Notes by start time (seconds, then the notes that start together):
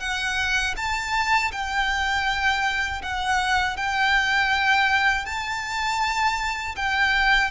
0.00 F#5
0.77 A5
1.52 G5
3.03 F#5
3.77 G5
5.26 A5
6.76 G5